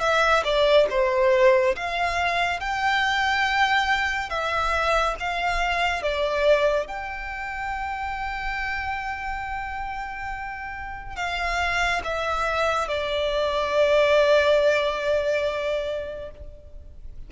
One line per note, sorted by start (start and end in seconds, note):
0.00 0.43 E5
0.44 0.86 D5
0.90 1.75 C5
1.76 2.60 F5
2.60 4.29 G5
4.29 5.15 E5
5.19 6.02 F5
6.02 6.87 D5
6.87 11.15 G5
11.15 12.01 F5
12.04 12.88 E5
12.88 16.31 D5